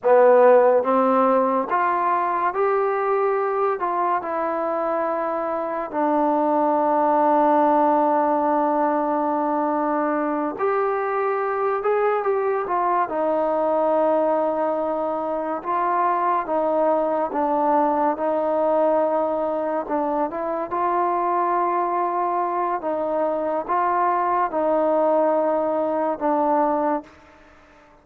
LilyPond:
\new Staff \with { instrumentName = "trombone" } { \time 4/4 \tempo 4 = 71 b4 c'4 f'4 g'4~ | g'8 f'8 e'2 d'4~ | d'1~ | d'8 g'4. gis'8 g'8 f'8 dis'8~ |
dis'2~ dis'8 f'4 dis'8~ | dis'8 d'4 dis'2 d'8 | e'8 f'2~ f'8 dis'4 | f'4 dis'2 d'4 | }